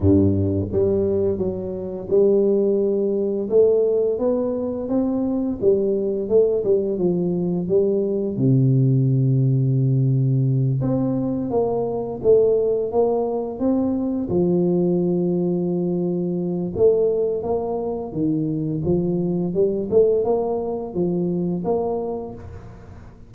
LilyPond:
\new Staff \with { instrumentName = "tuba" } { \time 4/4 \tempo 4 = 86 g,4 g4 fis4 g4~ | g4 a4 b4 c'4 | g4 a8 g8 f4 g4 | c2.~ c8 c'8~ |
c'8 ais4 a4 ais4 c'8~ | c'8 f2.~ f8 | a4 ais4 dis4 f4 | g8 a8 ais4 f4 ais4 | }